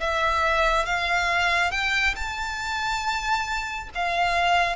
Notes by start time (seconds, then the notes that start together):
0.00 E5
0.86 F5
1.72 G5
2.15 A5
3.95 F5